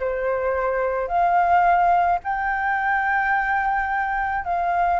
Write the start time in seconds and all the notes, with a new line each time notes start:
0.00 C5
1.08 F5
2.24 G5
4.45 F5